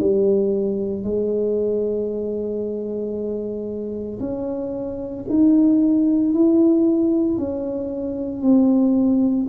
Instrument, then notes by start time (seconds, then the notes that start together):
tuba
0.00 G3
1.04 G#3
4.20 C#4
5.30 D#4
6.34 E4
7.38 C#4
8.42 C4